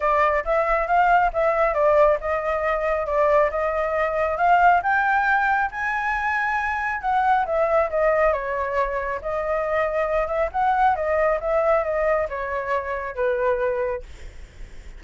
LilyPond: \new Staff \with { instrumentName = "flute" } { \time 4/4 \tempo 4 = 137 d''4 e''4 f''4 e''4 | d''4 dis''2 d''4 | dis''2 f''4 g''4~ | g''4 gis''2. |
fis''4 e''4 dis''4 cis''4~ | cis''4 dis''2~ dis''8 e''8 | fis''4 dis''4 e''4 dis''4 | cis''2 b'2 | }